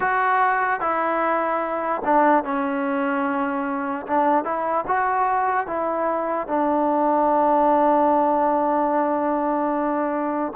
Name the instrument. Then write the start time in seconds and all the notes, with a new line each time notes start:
trombone
0.00 F#4
0.80 E4
2.04 D4
2.44 C#4
4.07 D4
4.44 E4
4.87 F#4
5.66 E4
6.47 D4